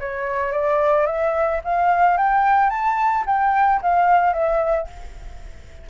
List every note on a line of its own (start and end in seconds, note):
0.00 0.52 C#5
0.52 1.07 D5
1.07 1.61 E5
1.64 2.18 F5
2.18 2.70 G5
2.70 3.25 A5
3.27 3.81 G5
3.82 4.33 F5
4.33 4.88 E5